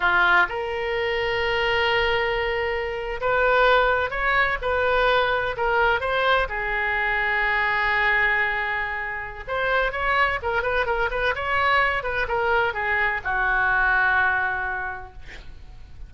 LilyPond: \new Staff \with { instrumentName = "oboe" } { \time 4/4 \tempo 4 = 127 f'4 ais'2.~ | ais'2~ ais'8. b'4~ b'16~ | b'8. cis''4 b'2 ais'16~ | ais'8. c''4 gis'2~ gis'16~ |
gis'1 | c''4 cis''4 ais'8 b'8 ais'8 b'8 | cis''4. b'8 ais'4 gis'4 | fis'1 | }